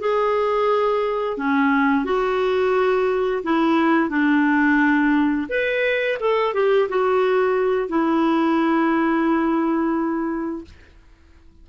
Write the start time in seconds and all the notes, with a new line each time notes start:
0.00 G#4
1.38 C#4
2.05 F#4
3.44 E4
4.10 D4
5.50 B4
6.20 A4
6.55 G4
6.89 F#4
7.89 E4